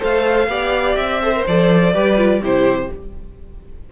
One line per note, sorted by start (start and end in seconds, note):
0.00 0.48 A3
0.00 0.48 A4
0.00 0.48 C5
0.00 0.96 F5
0.48 0.96 B3
0.48 1.21 G4
0.48 1.23 D5
0.96 1.45 C4
0.96 1.44 E5
1.22 1.34 A4
1.22 1.94 C5
1.35 1.47 A#4
1.47 1.95 F3
1.47 1.94 A4
1.47 2.43 D5
1.94 2.41 G3
1.94 2.17 G4
1.94 2.41 B4
2.17 2.41 F4
2.41 2.89 C3
2.41 2.91 E4
2.41 2.89 G4
2.41 2.92 C5